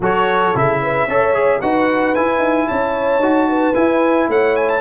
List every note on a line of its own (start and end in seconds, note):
0.00 0.53 F#3
0.00 0.54 F#4
0.00 0.81 A4
0.00 0.57 C#5
0.54 1.07 C#3
0.54 1.08 E4
0.54 1.61 E5
0.82 1.07 B4
1.07 1.60 C#4
1.07 1.34 A4
1.07 1.60 C#5
1.34 1.60 G#4
1.61 2.16 D#4
1.61 2.15 F#4
1.61 2.67 B4
1.61 2.14 F#5
2.15 3.22 E4
2.15 2.38 E4
2.15 2.68 G#5
2.38 2.65 D#4
2.67 3.18 C#4
2.67 3.48 C#5
2.67 3.74 A5
3.18 3.72 D#4
3.18 3.74 F#4
3.48 4.28 B4
3.74 4.81 E4
3.74 4.28 E4
3.74 4.28 G#5
4.28 4.81 A3
4.28 4.81 C#5
4.28 4.55 F#5
4.55 4.69 G#5
4.69 4.81 A5